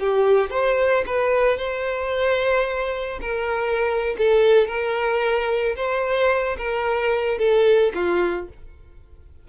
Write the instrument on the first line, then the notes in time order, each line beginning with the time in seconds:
violin
0.00 G4
0.51 C5
1.07 B4
1.58 C5
3.22 A#4
4.18 A4
4.68 A#4
5.76 C5
6.58 A#4
7.39 A4
7.95 F4